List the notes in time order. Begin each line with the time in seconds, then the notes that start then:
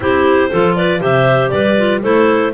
0.00 C4 E4 G4 C5
0.50 F3 F4 A4
0.75 B4 D5
0.99 C3 G4 C5 E5
1.49 G3 B4 D5
1.77 F4
2.01 A3 E4 A4 C5